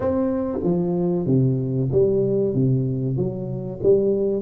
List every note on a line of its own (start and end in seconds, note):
0.00 0.59 C4
0.63 1.26 F3
1.26 1.89 C3
1.91 2.54 G3
2.54 3.17 C3
3.17 3.80 F#3
3.82 4.42 G3